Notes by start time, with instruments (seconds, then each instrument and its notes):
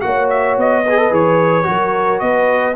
0.00 tuba A#3, trombone F#4, horn C#5, trumpet F#5
0.29 trumpet E5
0.57 tuba B3, trumpet D#5
0.84 trombone G#4, horn B4
0.97 trombone A4
1.10 tuba E3, trombone G#4, trumpet C#5
1.63 tuba F#3, trombone F#4, horn A#4
2.19 tuba B3, horn B4, trumpet D#5